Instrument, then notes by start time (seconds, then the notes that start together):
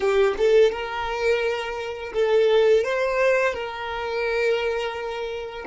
violin
0.00 G4
0.37 A4
0.71 A#4
2.13 A4
2.84 C5
3.53 A#4